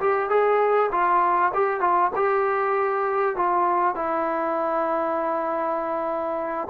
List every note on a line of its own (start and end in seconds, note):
0.00 0.30 G4
0.30 0.91 G#4
0.92 1.52 F4
1.54 1.81 G4
1.81 2.11 F4
2.16 3.36 G4
3.36 3.96 F4
3.96 6.68 E4